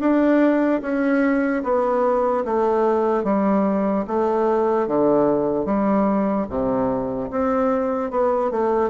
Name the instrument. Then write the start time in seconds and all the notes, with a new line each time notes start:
bassoon
0.00 D4
0.81 C#4
1.63 B3
2.45 A3
3.24 G3
4.07 A3
4.87 D3
5.65 G3
6.49 C3
7.30 C4
8.10 B3
8.51 A3